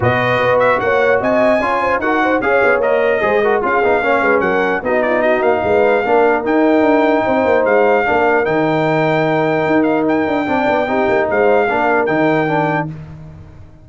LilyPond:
<<
  \new Staff \with { instrumentName = "trumpet" } { \time 4/4 \tempo 4 = 149 dis''4. e''8 fis''4 gis''4~ | gis''4 fis''4 f''4 dis''4~ | dis''4 f''2 fis''4 | dis''8 d''8 dis''8 f''2~ f''8 |
g''2. f''4~ | f''4 g''2.~ | g''8 f''8 g''2. | f''2 g''2 | }
  \new Staff \with { instrumentName = "horn" } { \time 4/4 b'2 cis''4 dis''4 | cis''8 c''8 ais'8 c''8 cis''2 | c''8 ais'8 gis'4 cis''8 b'8 ais'4 | fis'8 f'8 fis'4 b'4 ais'4~ |
ais'2 c''2 | ais'1~ | ais'2 d''4 g'4 | c''4 ais'2. | }
  \new Staff \with { instrumentName = "trombone" } { \time 4/4 fis'1 | f'4 fis'4 gis'4 ais'4 | gis'8 fis'8 f'8 dis'8 cis'2 | dis'2. d'4 |
dis'1 | d'4 dis'2.~ | dis'2 d'4 dis'4~ | dis'4 d'4 dis'4 d'4 | }
  \new Staff \with { instrumentName = "tuba" } { \time 4/4 b,4 b4 ais4 c'4 | cis'4 dis'4 cis'8 b8 ais4 | gis4 cis'8 b8 ais8 gis8 fis4 | b4. ais8 gis4 ais4 |
dis'4 d'4 c'8 ais8 gis4 | ais4 dis2. | dis'4. d'8 c'8 b8 c'8 ais8 | gis4 ais4 dis2 | }
>>